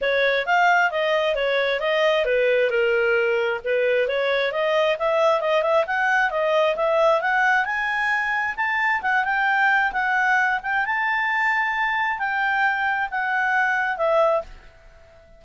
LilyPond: \new Staff \with { instrumentName = "clarinet" } { \time 4/4 \tempo 4 = 133 cis''4 f''4 dis''4 cis''4 | dis''4 b'4 ais'2 | b'4 cis''4 dis''4 e''4 | dis''8 e''8 fis''4 dis''4 e''4 |
fis''4 gis''2 a''4 | fis''8 g''4. fis''4. g''8 | a''2. g''4~ | g''4 fis''2 e''4 | }